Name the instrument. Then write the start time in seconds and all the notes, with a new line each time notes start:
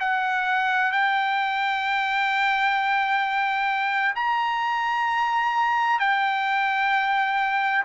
trumpet
0.00 F#5
0.92 G5
4.15 A#5
6.00 G5